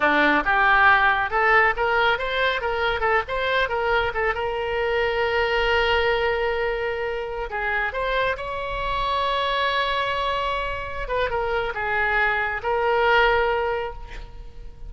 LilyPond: \new Staff \with { instrumentName = "oboe" } { \time 4/4 \tempo 4 = 138 d'4 g'2 a'4 | ais'4 c''4 ais'4 a'8 c''8~ | c''8 ais'4 a'8 ais'2~ | ais'1~ |
ais'4~ ais'16 gis'4 c''4 cis''8.~ | cis''1~ | cis''4. b'8 ais'4 gis'4~ | gis'4 ais'2. | }